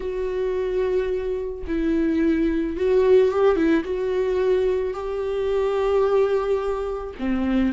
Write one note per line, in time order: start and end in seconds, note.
0.00 1.64 F#4
1.67 2.76 E4
2.76 3.31 F#4
3.31 3.56 G4
3.56 3.83 E4
3.84 4.93 F#4
4.93 7.14 G4
7.19 7.73 C4